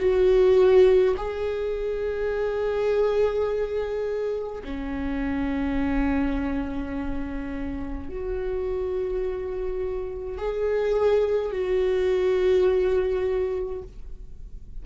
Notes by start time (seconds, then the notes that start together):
0.00 F#4
1.17 G#4
4.65 C#4
8.10 F#4
10.38 G#4
11.52 F#4